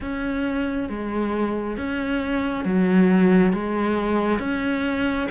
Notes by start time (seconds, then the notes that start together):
0.00 C#4
0.89 G#3
1.76 C#4
2.65 F#3
3.53 G#3
4.39 C#4